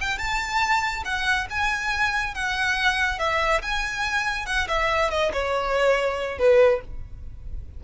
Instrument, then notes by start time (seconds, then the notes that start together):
violin
0.00 G5
0.18 A5
1.04 F#5
1.50 G#5
2.34 F#5
3.19 E5
3.62 G#5
4.46 F#5
4.68 E5
5.10 D#5
5.32 C#5
6.38 B4